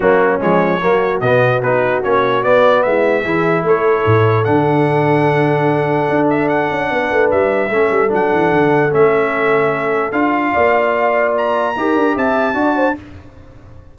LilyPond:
<<
  \new Staff \with { instrumentName = "trumpet" } { \time 4/4 \tempo 4 = 148 fis'4 cis''2 dis''4 | b'4 cis''4 d''4 e''4~ | e''4 cis''2 fis''4~ | fis''2.~ fis''8 e''8 |
fis''2 e''2 | fis''2 e''2~ | e''4 f''2. | ais''2 a''2 | }
  \new Staff \with { instrumentName = "horn" } { \time 4/4 cis'2 fis'2~ | fis'2. e'4 | gis'4 a'2.~ | a'1~ |
a'4 b'2 a'4~ | a'1~ | a'2 d''2~ | d''4 ais'4 e''4 d''8 c''8 | }
  \new Staff \with { instrumentName = "trombone" } { \time 4/4 ais4 gis4 ais4 b4 | dis'4 cis'4 b2 | e'2. d'4~ | d'1~ |
d'2. cis'4 | d'2 cis'2~ | cis'4 f'2.~ | f'4 g'2 fis'4 | }
  \new Staff \with { instrumentName = "tuba" } { \time 4/4 fis4 f4 fis4 b,4 | b4 ais4 b4 gis4 | e4 a4 a,4 d4~ | d2. d'4~ |
d'8 cis'8 b8 a8 g4 a8 g8 | fis8 e8 d4 a2~ | a4 d'4 ais2~ | ais4 dis'8 d'8 c'4 d'4 | }
>>